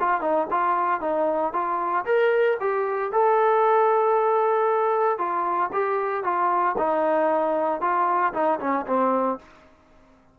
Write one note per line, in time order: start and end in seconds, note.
0.00 0.21 F4
0.21 0.47 D#4
0.51 1.01 F4
1.01 1.53 D#4
1.53 2.05 F4
2.05 2.58 A#4
2.60 3.13 G4
3.13 5.18 A4
5.18 5.71 F4
5.73 6.24 G4
6.24 6.76 F4
6.78 7.81 D#4
7.81 8.33 F4
8.34 8.60 D#4
8.60 8.86 C#4
8.87 9.39 C4